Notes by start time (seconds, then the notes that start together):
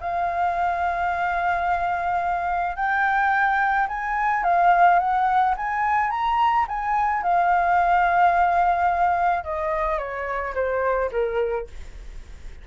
0.00 F5
2.76 G5
3.88 G#5
4.43 F5
4.99 F#5
5.57 G#5
6.10 A#5
6.68 G#5
7.23 F5
9.44 D#5
9.98 C#5
10.55 C5
11.12 A#4